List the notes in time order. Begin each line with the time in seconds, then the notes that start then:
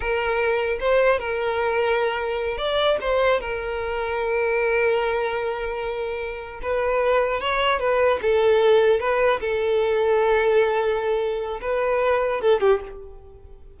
0.00 A#4
0.80 C5
1.19 A#4
2.57 D5
3.01 C5
3.40 A#4
6.62 B4
7.40 C#5
7.79 B4
8.21 A4
9.00 B4
9.40 A4
11.61 B4
12.41 A4
12.60 G4